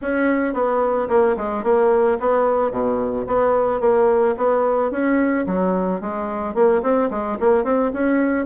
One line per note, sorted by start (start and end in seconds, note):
0.01 0.53 C#4
0.53 1.08 B3
1.08 1.36 A#3
1.36 1.63 G#3
1.63 2.18 A#3
2.20 2.71 B3
2.71 3.25 B2
3.26 3.80 B3
3.80 4.35 A#3
4.37 4.91 B3
4.91 5.45 C#4
5.46 6.00 F#3
6.00 6.54 G#3
6.54 6.81 A#3
6.82 7.09 C4
7.10 7.37 G#3
7.40 7.64 A#3
7.64 7.91 C4
7.93 8.45 C#4